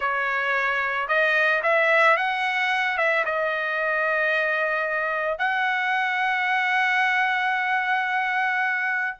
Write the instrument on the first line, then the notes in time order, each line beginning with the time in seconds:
trumpet
0.00 C#5
1.08 D#5
1.62 E5
2.16 F#5
2.97 E5
3.25 D#5
5.38 F#5